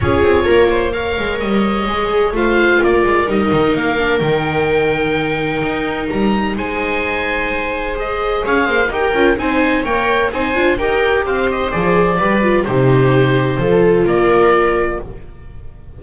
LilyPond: <<
  \new Staff \with { instrumentName = "oboe" } { \time 4/4 \tempo 4 = 128 cis''2 f''4 dis''4~ | dis''4 f''4 d''4 dis''4 | f''4 g''2.~ | g''4 ais''4 gis''2~ |
gis''4 dis''4 f''4 g''4 | gis''4 g''4 gis''4 g''4 | f''8 dis''8 d''2 c''4~ | c''2 d''2 | }
  \new Staff \with { instrumentName = "viola" } { \time 4/4 gis'4 ais'8 c''8 cis''2~ | cis''4 c''4 ais'2~ | ais'1~ | ais'2 c''2~ |
c''2 cis''8 c''8 ais'4 | c''4 cis''4 c''4 ais'4 | c''2 b'4 g'4~ | g'4 a'4 ais'2 | }
  \new Staff \with { instrumentName = "viola" } { \time 4/4 f'2 ais'2 | gis'4 f'2 dis'4~ | dis'8 d'8 dis'2.~ | dis'1~ |
dis'4 gis'2 g'8 f'8 | dis'4 ais'4 dis'8 f'8 g'4~ | g'4 gis'4 g'8 f'8 dis'4~ | dis'4 f'2. | }
  \new Staff \with { instrumentName = "double bass" } { \time 4/4 cis'8 c'8 ais4. gis8 g4 | gis4 a4 ais8 gis8 g8 dis8 | ais4 dis2. | dis'4 g4 gis2~ |
gis2 cis'8 ais8 dis'8 cis'8 | c'4 ais4 c'8 d'8 dis'4 | c'4 f4 g4 c4~ | c4 f4 ais2 | }
>>